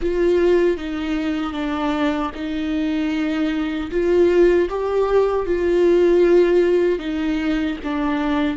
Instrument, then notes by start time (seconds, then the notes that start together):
viola
0.01 F4
0.77 D#4
1.53 D4
2.34 D#4
3.90 F4
4.69 G4
5.46 F4
6.98 D#4
7.83 D4